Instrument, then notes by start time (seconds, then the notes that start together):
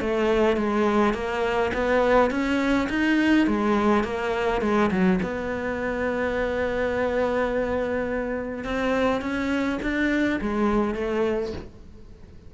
cello
0.00 A3
0.56 G#3
1.14 A#3
1.74 B3
2.30 C#4
2.89 D#4
3.47 G#3
4.03 A#3
4.61 G#3
4.91 F#3
5.22 B3
8.64 C4
9.21 C#4
9.82 D4
10.41 G#3
10.95 A3